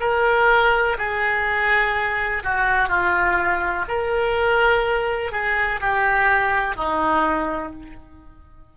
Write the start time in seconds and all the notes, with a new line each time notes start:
0.00 A#4
0.98 G#4
2.43 F#4
2.88 F4
3.88 A#4
5.31 G#4
5.80 G4
6.76 D#4